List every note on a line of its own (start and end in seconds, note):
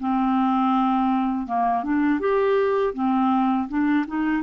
0.00 1.47 C4
1.47 1.84 A#3
1.84 2.20 D4
2.20 2.94 G4
2.94 3.68 C4
3.69 4.06 D4
4.07 4.43 D#4